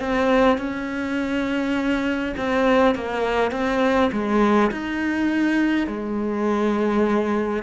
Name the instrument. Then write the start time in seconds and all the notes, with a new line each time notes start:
cello
0.00 C4
0.58 C#4
2.37 C4
2.95 A#3
3.52 C4
4.12 G#3
4.72 D#4
5.88 G#3